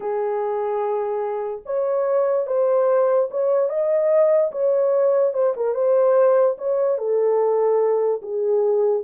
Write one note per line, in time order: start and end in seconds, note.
0.00 1.61 G#4
1.65 2.47 C#5
2.47 3.29 C5
3.30 3.69 C#5
3.69 4.51 D#5
4.51 5.33 C#5
5.33 5.54 C5
5.56 5.74 A#4
5.74 6.56 C5
6.58 6.98 C#5
6.98 8.21 A4
8.22 9.03 G#4